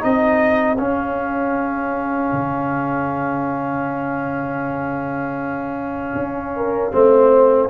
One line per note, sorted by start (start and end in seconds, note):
0.00 0.79 C4
0.00 0.77 D#4
0.00 6.54 G#4
0.00 0.77 D#5
0.77 6.92 C#4
0.77 2.32 C#4
0.77 7.69 F5
2.32 6.15 C#3
6.15 6.92 C#4
6.56 6.94 A#4
6.92 7.70 A3
6.92 7.69 C4
6.92 7.70 C5